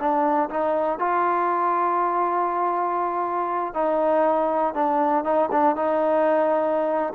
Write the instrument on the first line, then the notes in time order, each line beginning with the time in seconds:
trombone
0.00 D4
0.50 D#4
1.00 F4
3.75 D#4
4.75 D4
5.25 D#4
5.52 D4
5.76 D#4